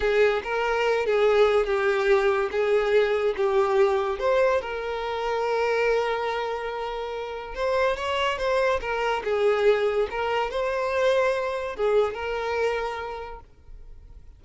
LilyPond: \new Staff \with { instrumentName = "violin" } { \time 4/4 \tempo 4 = 143 gis'4 ais'4. gis'4. | g'2 gis'2 | g'2 c''4 ais'4~ | ais'1~ |
ais'2 c''4 cis''4 | c''4 ais'4 gis'2 | ais'4 c''2. | gis'4 ais'2. | }